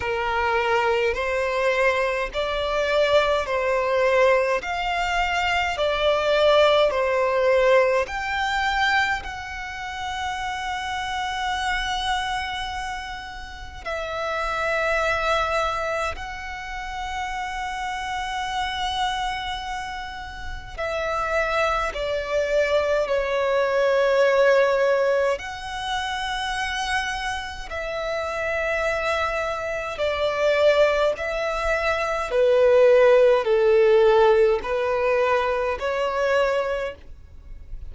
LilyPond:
\new Staff \with { instrumentName = "violin" } { \time 4/4 \tempo 4 = 52 ais'4 c''4 d''4 c''4 | f''4 d''4 c''4 g''4 | fis''1 | e''2 fis''2~ |
fis''2 e''4 d''4 | cis''2 fis''2 | e''2 d''4 e''4 | b'4 a'4 b'4 cis''4 | }